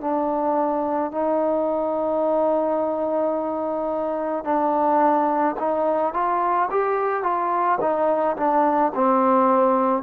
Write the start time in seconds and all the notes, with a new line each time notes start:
0.00 D4
1.11 D#4
4.44 D4
5.59 D#4
6.13 F4
6.70 G4
7.23 F4
7.80 D#4
8.36 D4
8.94 C4